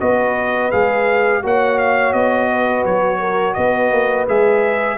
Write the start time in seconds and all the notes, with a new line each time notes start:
0.00 B3 F#4 B4 D#5
0.71 G#3 G#4 F5
1.43 A#3 F#4 C#5 F#5
1.78 F5
2.13 B3 D#5
2.51 B4
2.85 F#3 C#5
3.19 A#4
3.54 B3 B4 D#5
3.92 A#3
4.28 G#3 G#4 E5